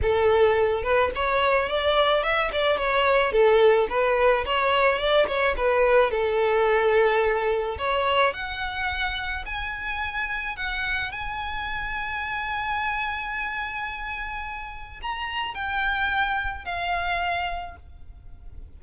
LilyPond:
\new Staff \with { instrumentName = "violin" } { \time 4/4 \tempo 4 = 108 a'4. b'8 cis''4 d''4 | e''8 d''8 cis''4 a'4 b'4 | cis''4 d''8 cis''8 b'4 a'4~ | a'2 cis''4 fis''4~ |
fis''4 gis''2 fis''4 | gis''1~ | gis''2. ais''4 | g''2 f''2 | }